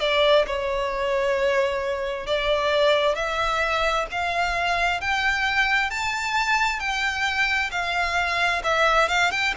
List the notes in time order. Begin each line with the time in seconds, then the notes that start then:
0.00 D5
0.47 C#5
2.27 D5
3.15 E5
4.11 F5
5.01 G5
5.90 A5
6.80 G5
7.71 F5
8.64 E5
9.09 F5
9.31 G5